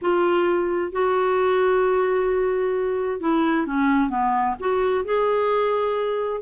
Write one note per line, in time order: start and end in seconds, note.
0.01 0.91 F4
0.91 3.20 F#4
3.20 3.66 E4
3.66 4.09 C#4
4.09 4.55 B3
4.59 5.04 F#4
5.04 6.41 G#4